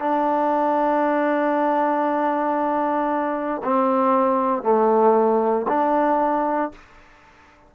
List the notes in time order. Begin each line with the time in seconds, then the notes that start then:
0.00 D4
3.64 C4
4.63 A3
5.68 D4